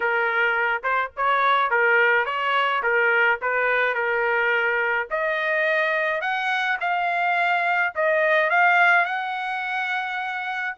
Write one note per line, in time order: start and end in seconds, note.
0.00 0.82 A#4
0.83 1.11 C5
1.16 1.70 C#5
1.70 2.25 A#4
2.25 2.82 C#5
2.82 3.39 A#4
3.41 3.94 B4
3.94 5.07 A#4
5.10 6.21 D#5
6.21 6.77 F#5
6.80 7.93 F5
7.95 8.49 D#5
8.49 9.05 F5
9.05 10.75 F#5